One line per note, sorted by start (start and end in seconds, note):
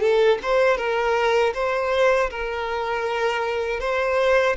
0.00 0.38 A4
0.42 0.77 C5
0.77 1.53 A#4
1.54 2.30 C5
2.30 3.80 A#4
3.80 4.56 C5